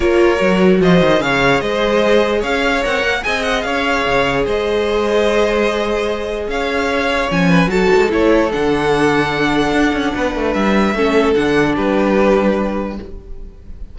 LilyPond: <<
  \new Staff \with { instrumentName = "violin" } { \time 4/4 \tempo 4 = 148 cis''2 dis''4 f''4 | dis''2 f''4 fis''4 | gis''8 fis''8 f''2 dis''4~ | dis''1 |
f''2 gis''4 a''4 | cis''4 fis''2.~ | fis''2 e''2 | fis''4 b'2. | }
  \new Staff \with { instrumentName = "violin" } { \time 4/4 ais'2 c''4 cis''4 | c''2 cis''2 | dis''4 cis''2 c''4~ | c''1 |
cis''2~ cis''8 b'8 a'4~ | a'1~ | a'4 b'2 a'4~ | a'4 g'2. | }
  \new Staff \with { instrumentName = "viola" } { \time 4/4 f'4 fis'2 gis'4~ | gis'2. ais'4 | gis'1~ | gis'1~ |
gis'2 cis'4 fis'4 | e'4 d'2.~ | d'2. cis'4 | d'1 | }
  \new Staff \with { instrumentName = "cello" } { \time 4/4 ais4 fis4 f8 dis8 cis4 | gis2 cis'4 c'8 ais8 | c'4 cis'4 cis4 gis4~ | gis1 |
cis'2 f4 fis8 gis8 | a4 d2. | d'8 cis'8 b8 a8 g4 a4 | d4 g2. | }
>>